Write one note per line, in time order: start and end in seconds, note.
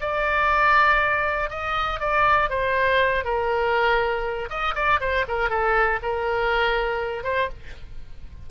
0.00 1.50 D5
1.50 2.00 D#5
2.00 2.49 D5
2.49 3.24 C5
3.24 4.49 A#4
4.49 4.74 D#5
4.75 5.00 D5
5.00 5.25 C5
5.27 5.49 A#4
5.49 5.99 A4
6.02 7.23 A#4
7.23 7.48 C5